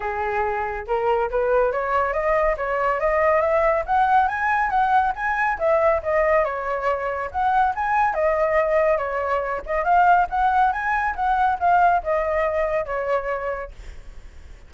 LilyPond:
\new Staff \with { instrumentName = "flute" } { \time 4/4 \tempo 4 = 140 gis'2 ais'4 b'4 | cis''4 dis''4 cis''4 dis''4 | e''4 fis''4 gis''4 fis''4 | gis''4 e''4 dis''4 cis''4~ |
cis''4 fis''4 gis''4 dis''4~ | dis''4 cis''4. dis''8 f''4 | fis''4 gis''4 fis''4 f''4 | dis''2 cis''2 | }